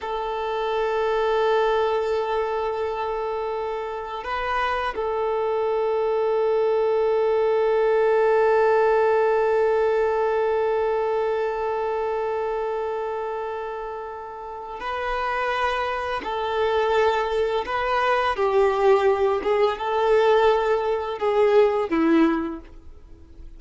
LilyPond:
\new Staff \with { instrumentName = "violin" } { \time 4/4 \tempo 4 = 85 a'1~ | a'2 b'4 a'4~ | a'1~ | a'1~ |
a'1~ | a'4 b'2 a'4~ | a'4 b'4 g'4. gis'8 | a'2 gis'4 e'4 | }